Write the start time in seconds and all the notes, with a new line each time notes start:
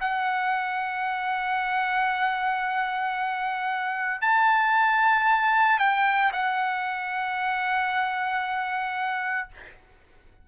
0.00 F#5
4.21 A5
5.79 G5
6.32 F#5